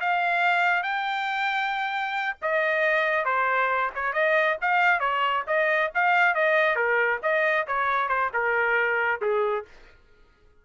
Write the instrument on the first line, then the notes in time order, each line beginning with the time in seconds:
trumpet
0.00 F5
0.83 G5
2.41 D#5
3.24 C5
3.95 C#5
4.13 D#5
4.61 F5
4.99 C#5
5.47 D#5
5.94 F5
6.34 D#5
6.76 A#4
7.22 D#5
7.67 C#5
8.08 C5
8.33 A#4
9.21 G#4